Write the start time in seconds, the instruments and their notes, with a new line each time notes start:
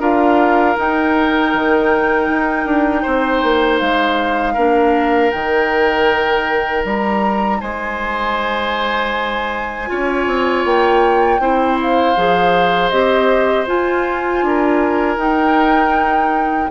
0.00 bassoon D4, clarinet F4, oboe A#4, flute F5
0.76 clarinet D#4, bassoon D#4, flute G5
1.54 bassoon D#3
2.29 bassoon D#4
2.66 bassoon D4
3.03 bassoon C4, oboe C5
3.44 bassoon A#3
3.80 bassoon G#3, flute F5
4.54 bassoon A#3, clarinet D4, oboe A#4
5.31 bassoon D#3, clarinet D#4, flute G5
6.85 bassoon G3, flute A#5
7.61 bassoon G#3, oboe C5, flute G#5
9.88 bassoon C#4, clarinet F4, oboe C#5
10.27 bassoon C4
10.65 bassoon A#3, flute G5
11.40 bassoon C4, clarinet E4, oboe C5
11.82 flute F5
12.17 bassoon F3, clarinet G#4
12.90 bassoon C4, clarinet G4, flute D#5
13.67 clarinet F4, bassoon F4, flute G#5
14.43 bassoon D4, oboe A#4
15.17 bassoon D#4, clarinet D#4, flute G5